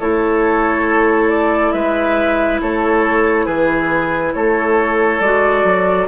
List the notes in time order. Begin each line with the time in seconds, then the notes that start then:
0.00 A3 E4 A4 C#5
1.29 D5
1.72 G#3 B4 E5
2.62 A3 A4 C#5
3.45 E3 G#4 B4
4.34 A3 A4 C#5
5.20 G#3 F#4 D5
5.64 F#3